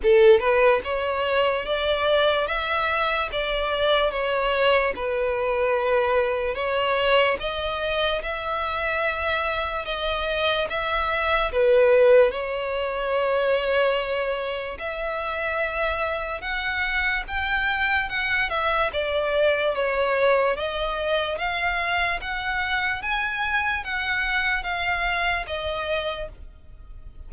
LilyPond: \new Staff \with { instrumentName = "violin" } { \time 4/4 \tempo 4 = 73 a'8 b'8 cis''4 d''4 e''4 | d''4 cis''4 b'2 | cis''4 dis''4 e''2 | dis''4 e''4 b'4 cis''4~ |
cis''2 e''2 | fis''4 g''4 fis''8 e''8 d''4 | cis''4 dis''4 f''4 fis''4 | gis''4 fis''4 f''4 dis''4 | }